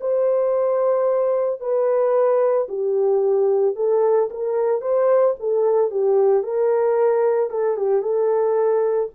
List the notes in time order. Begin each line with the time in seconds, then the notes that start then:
0.00 C5
1.60 B4
2.68 G4
3.75 A4
4.30 A#4
4.81 C5
5.39 A4
5.90 G4
6.43 A#4
7.50 A4
7.77 G4
8.02 A4